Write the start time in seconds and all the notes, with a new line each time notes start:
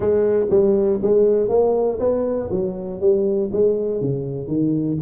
0.00 G#3
0.50 G3
1.02 G#3
1.49 A#3
1.99 B3
2.50 F#3
3.00 G3
3.52 G#3
4.00 C#3
4.47 D#3